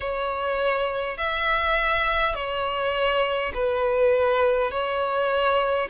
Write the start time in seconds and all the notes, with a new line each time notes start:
0.00 C#5
1.17 E5
2.34 C#5
3.53 B4
4.71 C#5